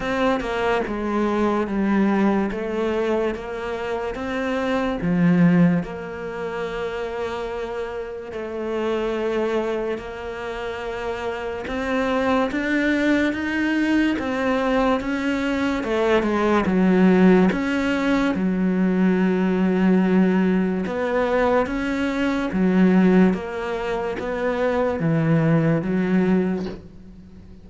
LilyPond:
\new Staff \with { instrumentName = "cello" } { \time 4/4 \tempo 4 = 72 c'8 ais8 gis4 g4 a4 | ais4 c'4 f4 ais4~ | ais2 a2 | ais2 c'4 d'4 |
dis'4 c'4 cis'4 a8 gis8 | fis4 cis'4 fis2~ | fis4 b4 cis'4 fis4 | ais4 b4 e4 fis4 | }